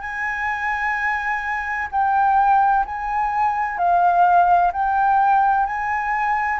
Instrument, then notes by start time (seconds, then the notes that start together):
flute
0.00 G#5
1.91 G5
2.85 G#5
3.78 F5
4.72 G5
5.65 G#5